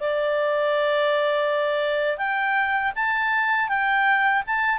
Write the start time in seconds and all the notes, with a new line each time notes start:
0.00 D5
2.18 G5
2.95 A5
3.69 G5
4.46 A5